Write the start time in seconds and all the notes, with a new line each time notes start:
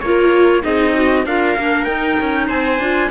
0.00 A#3 F4 A#4 C#5
0.62 C4 D#4 G#4 D#5
0.94 F#4
1.26 D4 F4 A#4 F5
1.58 A#3 D4
1.85 D#4 G5
2.20 C#4
2.48 C4 C5 G#5
2.80 D4 F4